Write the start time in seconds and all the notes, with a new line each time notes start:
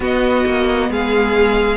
0.00 B3 F#4 D#5
0.46 A#3
0.89 G#3 G#4 F5